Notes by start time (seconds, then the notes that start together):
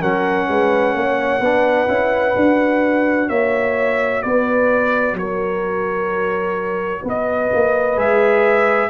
0.00 F#3 C#4 A#4 F#5
0.49 G#3 B4
0.94 A#3 C#5
1.41 B3 D4 B4
1.88 C#4 E4
2.34 D4 F#4
3.29 A#3 C#5 E5
4.22 B3 B4 D5
5.13 F#3 C#5
5.20 A#4
7.02 B3 B4
7.09 D#5
7.54 A#3
7.96 G#3 G#4 E5